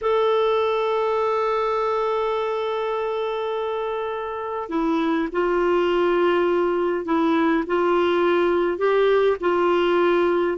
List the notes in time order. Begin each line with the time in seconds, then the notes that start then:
0.01 A4
4.69 E4
5.32 F4
7.05 E4
7.67 F4
8.78 G4
9.40 F4